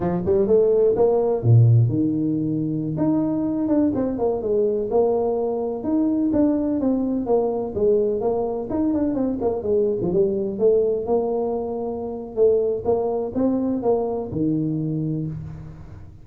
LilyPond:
\new Staff \with { instrumentName = "tuba" } { \time 4/4 \tempo 4 = 126 f8 g8 a4 ais4 ais,4 | dis2~ dis16 dis'4. d'16~ | d'16 c'8 ais8 gis4 ais4.~ ais16~ | ais16 dis'4 d'4 c'4 ais8.~ |
ais16 gis4 ais4 dis'8 d'8 c'8 ais16~ | ais16 gis8. f16 g4 a4 ais8.~ | ais2 a4 ais4 | c'4 ais4 dis2 | }